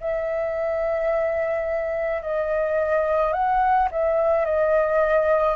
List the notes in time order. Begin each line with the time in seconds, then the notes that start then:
0.00 E5
2.22 D#5
3.32 F#5
3.91 E5
4.45 D#5